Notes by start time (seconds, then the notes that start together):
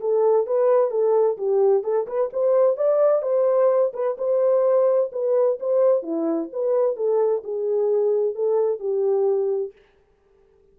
0.00 A4
0.46 B4
0.90 A4
1.37 G4
1.83 A4
2.07 B4
2.33 C5
2.76 D5
3.22 C5
3.93 B4
4.17 C5
5.12 B4
5.60 C5
6.02 E4
6.52 B4
6.96 A4
7.44 G#4
8.35 A4
8.79 G4